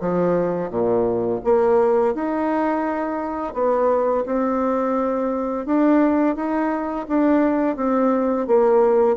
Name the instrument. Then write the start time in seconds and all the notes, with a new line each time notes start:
bassoon
0.00 F3
0.70 A#2
1.44 A#3
2.14 D#4
3.54 B3
4.25 C4
5.65 D4
6.35 D#4
7.08 D4
7.76 C4
8.46 A#3